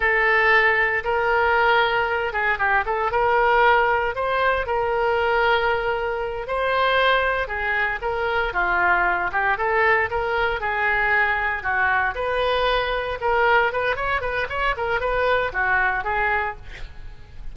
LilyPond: \new Staff \with { instrumentName = "oboe" } { \time 4/4 \tempo 4 = 116 a'2 ais'2~ | ais'8 gis'8 g'8 a'8 ais'2 | c''4 ais'2.~ | ais'8 c''2 gis'4 ais'8~ |
ais'8 f'4. g'8 a'4 ais'8~ | ais'8 gis'2 fis'4 b'8~ | b'4. ais'4 b'8 cis''8 b'8 | cis''8 ais'8 b'4 fis'4 gis'4 | }